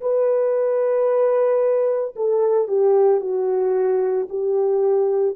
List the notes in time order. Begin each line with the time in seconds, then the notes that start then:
0.00 B4
2.16 A4
2.67 G4
3.20 F#4
4.29 G4